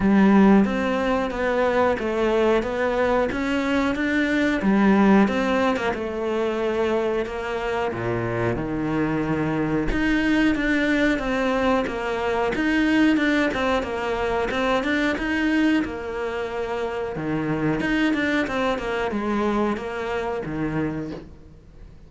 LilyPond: \new Staff \with { instrumentName = "cello" } { \time 4/4 \tempo 4 = 91 g4 c'4 b4 a4 | b4 cis'4 d'4 g4 | c'8. ais16 a2 ais4 | ais,4 dis2 dis'4 |
d'4 c'4 ais4 dis'4 | d'8 c'8 ais4 c'8 d'8 dis'4 | ais2 dis4 dis'8 d'8 | c'8 ais8 gis4 ais4 dis4 | }